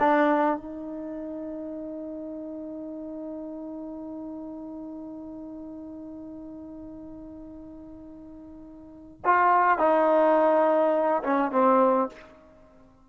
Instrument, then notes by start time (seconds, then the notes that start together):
trombone
0.00 D4
0.57 D#4
9.25 F4
9.79 D#4
11.24 C#4
11.52 C4